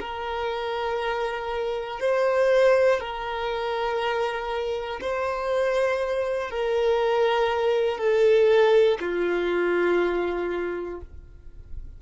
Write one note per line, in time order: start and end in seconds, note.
0.00 2.00 A#4
2.00 3.00 C5
3.00 5.00 A#4
5.01 6.50 C5
6.50 7.98 A#4
7.98 8.98 A4
9.00 11.00 F4